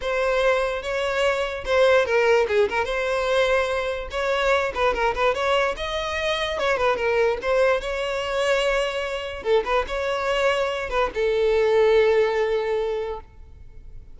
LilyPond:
\new Staff \with { instrumentName = "violin" } { \time 4/4 \tempo 4 = 146 c''2 cis''2 | c''4 ais'4 gis'8 ais'8 c''4~ | c''2 cis''4. b'8 | ais'8 b'8 cis''4 dis''2 |
cis''8 b'8 ais'4 c''4 cis''4~ | cis''2. a'8 b'8 | cis''2~ cis''8 b'8 a'4~ | a'1 | }